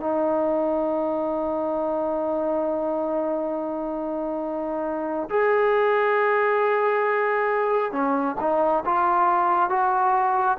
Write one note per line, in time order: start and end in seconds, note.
0.00 5.29 D#4
5.30 7.92 G#4
7.92 8.36 C#4
8.40 8.84 D#4
8.85 9.69 F4
9.69 10.58 F#4